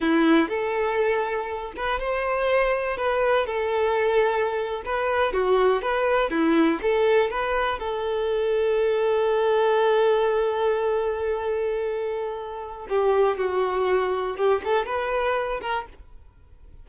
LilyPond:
\new Staff \with { instrumentName = "violin" } { \time 4/4 \tempo 4 = 121 e'4 a'2~ a'8 b'8 | c''2 b'4 a'4~ | a'4.~ a'16 b'4 fis'4 b'16~ | b'8. e'4 a'4 b'4 a'16~ |
a'1~ | a'1~ | a'2 g'4 fis'4~ | fis'4 g'8 a'8 b'4. ais'8 | }